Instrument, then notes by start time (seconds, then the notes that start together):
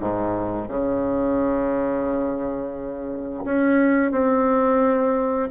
bassoon
0.00 G#2
0.69 C#3
3.45 C#4
4.12 C4